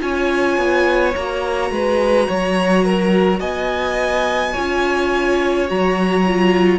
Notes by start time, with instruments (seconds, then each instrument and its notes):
0.00 cello C#4, viola F4, violin C#5 G#5
0.58 cello B3
1.16 cello A#3, viola F#4, violin A#5
1.71 cello G#3, violin B4
2.29 cello F#3, violin C#5
2.85 violin A#4
3.40 cello B3, violin D#5 G#5
4.53 cello C#4, viola F4, violin C#5
5.67 cello F#3, viola F#4, violin A#5
6.27 viola F4